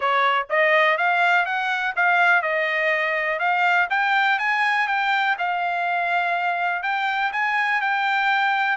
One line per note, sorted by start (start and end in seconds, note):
0.00 0.47 C#5
0.49 0.97 D#5
0.97 1.45 F5
1.45 1.94 F#5
1.95 2.42 F5
2.42 3.39 D#5
3.39 3.88 F5
3.89 4.38 G5
4.39 4.87 G#5
4.87 5.36 G5
5.38 6.82 F5
6.82 7.31 G5
7.32 7.81 G#5
7.81 8.77 G5